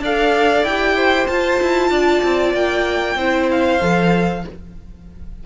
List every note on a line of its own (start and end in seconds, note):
0.00 0.63 D4
0.00 0.68 A4
0.00 0.96 D5
0.00 0.65 F5
0.63 1.26 E4
0.63 1.29 G4
0.63 1.27 G5
0.96 1.90 C5
1.27 1.60 F4
1.27 3.19 F4
1.27 2.53 A5
1.62 1.90 E4
1.90 2.22 D4
1.90 3.17 D5
2.23 2.53 C4
2.53 3.16 A#3
2.53 3.50 G5
3.16 3.79 C4
3.16 3.80 E4
3.16 4.44 C5
3.51 4.46 F5
3.80 4.44 F3
3.80 4.43 A4